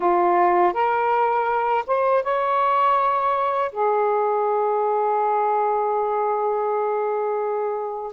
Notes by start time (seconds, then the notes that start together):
0.00 F4
0.73 A#4
1.87 C5
2.23 C#5
3.71 G#4